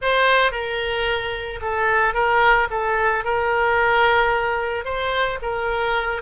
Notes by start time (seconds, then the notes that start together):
0.01 C5
0.51 A#4
1.61 A4
2.14 A#4
2.70 A4
3.24 A#4
4.85 C5
5.42 A#4